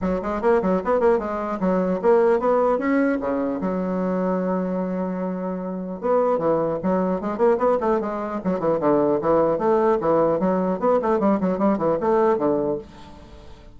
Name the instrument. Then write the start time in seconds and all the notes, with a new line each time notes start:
bassoon
0.01 F#3
0.21 G#3
0.41 A#3
0.62 F#3
0.84 B3
0.99 A#3
1.19 G#3
1.60 F#3
2.01 A#3
2.39 B3
2.78 C#4
3.20 C#3
3.60 F#3
6.00 B3
6.38 E3
6.82 F#3
7.20 G#3
7.37 A#3
7.58 B3
7.80 A3
8.00 G#3
8.44 F#3
8.59 E3
8.79 D3
9.21 E3
9.58 A3
10.00 E3
10.39 F#3
10.79 B3
11.02 A3
11.19 G3
11.40 F#3
11.58 G3
11.77 E3
12.00 A3
12.37 D3